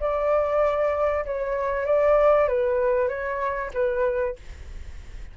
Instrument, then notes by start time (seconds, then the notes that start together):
flute
0.00 D5
1.25 C#5
1.86 D5
2.48 B4
3.09 C#5
3.74 B4